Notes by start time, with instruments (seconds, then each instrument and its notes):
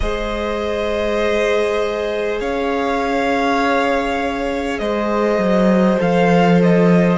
0.00 cello G#3, viola G#4, violin C5 D#5
2.40 cello C#4, violin C#5 F5
4.79 cello G#3, violin C5 D#5
5.38 cello F#3
5.98 cello F3, viola A4, violin F5
6.62 violin D#5